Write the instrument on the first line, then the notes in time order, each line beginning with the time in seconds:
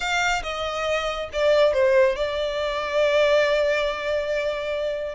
violin
0.00 F5
0.42 D#5
1.32 D5
1.73 C5
2.16 D5